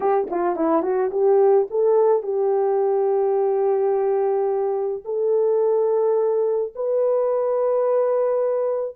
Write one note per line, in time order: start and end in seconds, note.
0.00 0.28 G4
0.30 0.56 F4
0.56 0.82 E4
0.82 1.10 F#4
1.11 1.67 G4
1.70 2.23 A4
2.23 5.03 G4
5.04 6.73 A4
6.75 8.95 B4